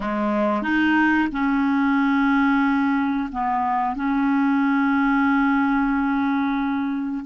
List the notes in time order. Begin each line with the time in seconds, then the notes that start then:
0.00 G#3
0.62 D#4
1.32 C#4
3.31 B3
3.95 C#4